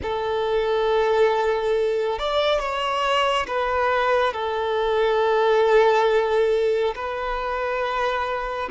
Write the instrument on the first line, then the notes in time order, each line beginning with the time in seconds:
violin
0.02 A4
2.19 D5
2.59 C#5
3.47 B4
4.33 A4
6.95 B4